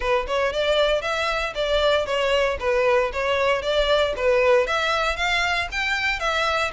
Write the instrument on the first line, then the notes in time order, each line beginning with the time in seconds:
violin
0.00 B4
0.27 C#5
0.52 D5
1.01 E5
1.54 D5
2.05 C#5
2.59 B4
3.12 C#5
3.62 D5
4.16 B4
4.66 E5
5.16 F5
5.71 G5
6.19 E5